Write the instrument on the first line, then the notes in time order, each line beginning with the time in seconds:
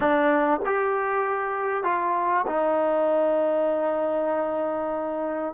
trombone
0.00 D4
0.65 G4
1.83 F4
2.47 D#4